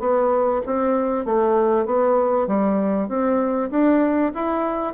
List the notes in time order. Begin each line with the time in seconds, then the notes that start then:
0.00 B3
0.67 C4
1.26 A3
1.86 B3
2.48 G3
3.09 C4
3.71 D4
4.35 E4